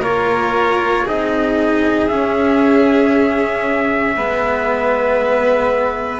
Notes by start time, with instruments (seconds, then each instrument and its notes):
0.00 double bass A#3, cello F4, violin A#4, trumpet C#5
1.04 double bass C4, cello D#4, violin G#4, trumpet D#5
2.08 cello C#4, double bass C#4, trumpet E5
4.16 double bass G#3, cello B3, violin B4